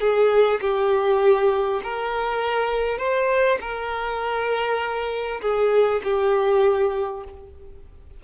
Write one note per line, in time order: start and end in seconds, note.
0.00 0.60 G#4
0.61 1.81 G4
1.83 2.98 A#4
2.98 3.58 C5
3.61 5.41 A#4
5.41 6.01 G#4
6.04 7.24 G4